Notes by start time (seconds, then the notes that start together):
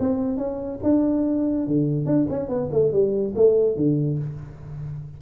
0.00 C4
0.38 C#4
0.84 D4
1.67 D3
2.06 D4
2.30 C#4
2.49 B3
2.72 A3
2.92 G3
3.36 A3
3.76 D3